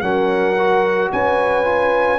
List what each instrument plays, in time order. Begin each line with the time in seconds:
0.00 tuba F#3, trombone C#4, horn A#4, trumpet F#5
0.58 trombone F#4
1.11 tuba C#4, horn B4, trumpet G#5
1.64 trombone F4